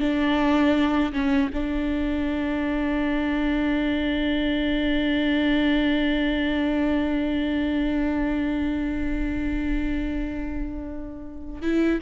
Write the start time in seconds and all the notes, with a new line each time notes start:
0.00 D4
1.13 C#4
1.53 D4
11.62 E4